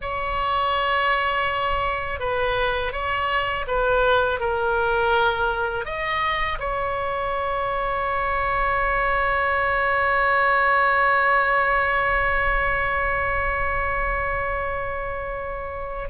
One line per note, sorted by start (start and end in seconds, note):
0.01 2.19 C#5
2.19 2.92 B4
2.92 3.65 C#5
3.67 4.40 B4
4.40 5.85 A#4
5.85 6.58 D#5
6.59 16.09 C#5